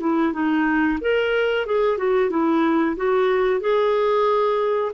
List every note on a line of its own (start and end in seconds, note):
0.00 0.33 E4
0.33 0.99 D#4
1.01 1.66 A#4
1.66 1.97 G#4
1.97 2.30 F#4
2.30 2.96 E4
2.96 3.60 F#4
3.60 4.92 G#4